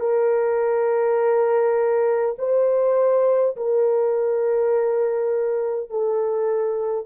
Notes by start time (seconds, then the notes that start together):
0.00 A#4
2.38 C5
3.56 A#4
5.90 A4